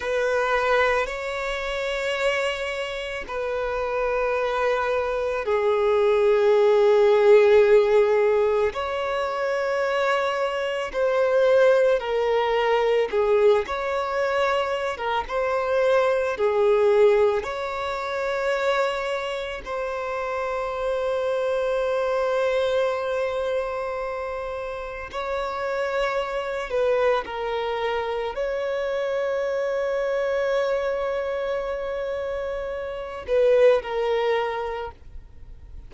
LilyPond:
\new Staff \with { instrumentName = "violin" } { \time 4/4 \tempo 4 = 55 b'4 cis''2 b'4~ | b'4 gis'2. | cis''2 c''4 ais'4 | gis'8 cis''4~ cis''16 ais'16 c''4 gis'4 |
cis''2 c''2~ | c''2. cis''4~ | cis''8 b'8 ais'4 cis''2~ | cis''2~ cis''8 b'8 ais'4 | }